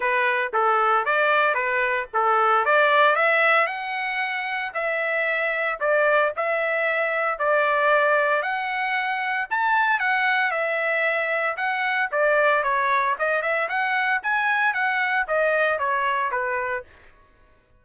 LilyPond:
\new Staff \with { instrumentName = "trumpet" } { \time 4/4 \tempo 4 = 114 b'4 a'4 d''4 b'4 | a'4 d''4 e''4 fis''4~ | fis''4 e''2 d''4 | e''2 d''2 |
fis''2 a''4 fis''4 | e''2 fis''4 d''4 | cis''4 dis''8 e''8 fis''4 gis''4 | fis''4 dis''4 cis''4 b'4 | }